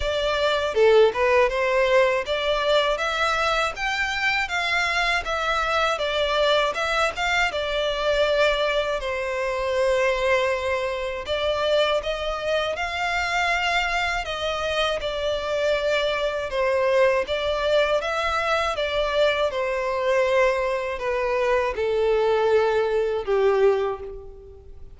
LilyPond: \new Staff \with { instrumentName = "violin" } { \time 4/4 \tempo 4 = 80 d''4 a'8 b'8 c''4 d''4 | e''4 g''4 f''4 e''4 | d''4 e''8 f''8 d''2 | c''2. d''4 |
dis''4 f''2 dis''4 | d''2 c''4 d''4 | e''4 d''4 c''2 | b'4 a'2 g'4 | }